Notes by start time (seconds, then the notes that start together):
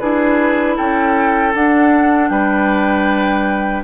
0.00 D4 E4 G#4 B4
0.76 C#4 A4 G5
1.54 D4 F#5
2.29 G3 B4 G5